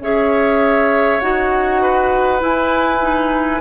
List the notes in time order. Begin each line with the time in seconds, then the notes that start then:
0.00 C#4 G#4 C#5 E5
1.21 D#4 F#4 F#5
1.82 B4
2.40 E4 G#5
3.01 D#4